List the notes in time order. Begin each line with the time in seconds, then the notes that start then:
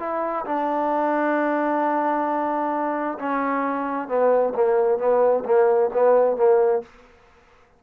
0.00 E4
0.46 D4
3.19 C#4
4.08 B3
4.55 A#3
4.99 B3
5.45 A#3
5.94 B3
6.37 A#3